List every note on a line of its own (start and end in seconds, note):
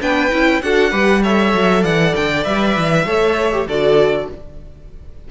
0.00 0.32 B3
0.00 0.30 D4
0.00 0.61 B4
0.00 0.62 G5
0.30 0.62 C#4
0.30 0.61 E4
0.62 0.92 D4
0.62 0.91 F#4
0.62 0.91 A4
0.62 1.23 F#5
0.91 1.53 G3
0.91 1.21 G4
0.91 1.21 B4
1.23 2.43 A4
1.23 1.82 C#5
1.23 1.84 E5
1.53 1.83 F#3
1.82 2.14 E3
1.82 3.04 D5
1.82 2.15 F#5
2.15 2.45 D3
2.15 2.44 G5
2.43 2.76 G3
2.43 3.04 B4
2.43 3.66 E5
2.76 3.06 E3
3.06 3.66 A3
3.06 3.52 A4
3.06 3.67 C#5
3.52 3.68 G4
3.66 4.27 D3
3.66 4.30 F#4
3.66 4.28 A4
3.66 4.30 D5